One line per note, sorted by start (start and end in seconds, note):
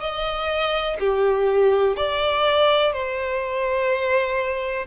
0.00 0.97 D#5
0.99 1.96 G4
1.96 2.92 D5
2.92 4.86 C5